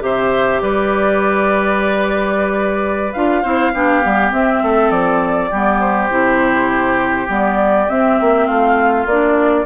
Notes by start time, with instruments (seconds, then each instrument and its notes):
0.00 bassoon C3, clarinet G4, oboe C5, flute E5
0.62 bassoon G3, oboe B4, flute D5
3.13 bassoon D4, clarinet F4, flute F5
3.43 bassoon C4, clarinet E4, oboe C5
3.74 bassoon B3, clarinet D4, oboe G4
4.03 bassoon G3, clarinet B3
4.32 bassoon C4, clarinet C4, flute E5
4.63 bassoon A3, oboe A4
4.91 bassoon F3, flute D5
5.51 bassoon G3, clarinet B3, oboe G4
5.80 flute C5
6.11 bassoon C3, clarinet E4
7.28 bassoon G3, clarinet B3, flute D5
7.89 clarinet C4, bassoon C4, flute E5
8.21 bassoon A#3
8.47 bassoon A3, oboe F4, flute F5
9.06 bassoon A#3, clarinet D4, flute D5